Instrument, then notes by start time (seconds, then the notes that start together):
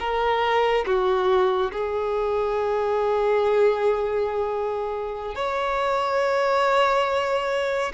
violin
0.00 A#4
0.86 F#4
1.72 G#4
5.36 C#5